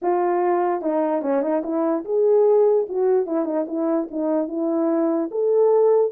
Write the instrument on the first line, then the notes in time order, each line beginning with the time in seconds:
horn
0.01 F4
0.81 D#4
1.21 C#4
1.42 D#4
1.63 E4
2.05 G#4
2.88 F#4
3.26 E4
3.45 D#4
3.67 E4
4.10 D#4
4.48 E4
5.31 A4